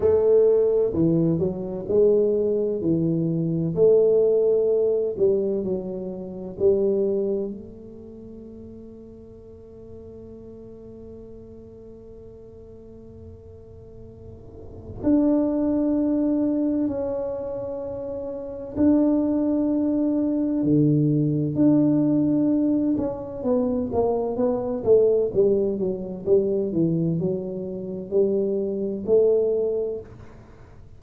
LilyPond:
\new Staff \with { instrumentName = "tuba" } { \time 4/4 \tempo 4 = 64 a4 e8 fis8 gis4 e4 | a4. g8 fis4 g4 | a1~ | a1 |
d'2 cis'2 | d'2 d4 d'4~ | d'8 cis'8 b8 ais8 b8 a8 g8 fis8 | g8 e8 fis4 g4 a4 | }